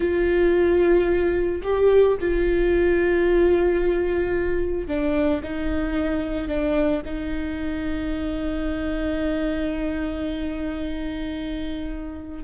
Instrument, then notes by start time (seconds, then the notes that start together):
viola
0.00 F4
1.63 G4
2.20 F4
4.87 D4
5.43 D#4
6.47 D4
7.05 D#4